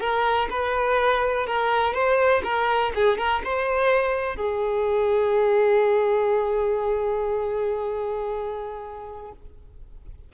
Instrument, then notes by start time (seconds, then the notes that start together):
violin
0.00 A#4
0.50 B4
1.47 A#4
1.94 C5
2.44 A#4
2.95 G#4
3.18 A#4
3.44 C5
4.36 G#4